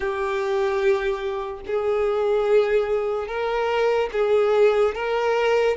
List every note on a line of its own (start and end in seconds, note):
0.00 1.60 G4
1.66 3.27 G#4
3.27 4.09 A#4
4.12 4.94 G#4
4.94 5.76 A#4